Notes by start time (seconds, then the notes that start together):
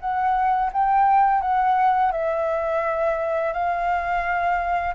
0.00 F#5
0.72 G5
1.41 F#5
2.12 E5
3.53 F5